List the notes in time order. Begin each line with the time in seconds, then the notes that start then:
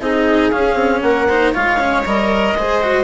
0.00 C4 D#4 G#4 D#5
0.50 C#4 F5
0.74 C4
1.01 A#3 A#4 F#5
1.29 D#4 C5
1.53 G#3 F4 C#5 F5
1.79 C#4
2.04 G3 A#4 D#5
2.54 G#3 G#4 C5
2.82 F#4